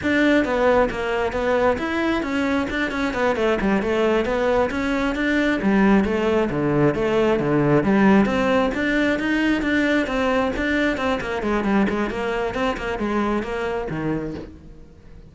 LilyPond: \new Staff \with { instrumentName = "cello" } { \time 4/4 \tempo 4 = 134 d'4 b4 ais4 b4 | e'4 cis'4 d'8 cis'8 b8 a8 | g8 a4 b4 cis'4 d'8~ | d'8 g4 a4 d4 a8~ |
a8 d4 g4 c'4 d'8~ | d'8 dis'4 d'4 c'4 d'8~ | d'8 c'8 ais8 gis8 g8 gis8 ais4 | c'8 ais8 gis4 ais4 dis4 | }